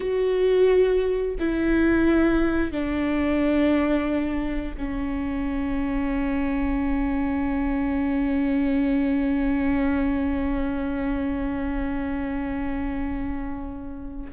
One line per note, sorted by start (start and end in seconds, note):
0.00 1.35 F#4
1.39 2.71 E4
2.71 4.75 D4
4.77 14.32 C#4